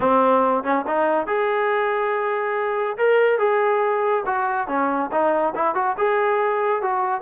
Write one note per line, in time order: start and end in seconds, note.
0.00 0.63 C4
0.63 0.84 C#4
0.87 1.26 D#4
1.26 2.97 G#4
2.97 3.38 A#4
3.38 4.24 G#4
4.26 4.67 F#4
4.67 5.10 C#4
5.11 5.54 D#4
5.55 5.74 E4
5.74 5.96 F#4
5.97 6.82 G#4
6.82 7.21 F#4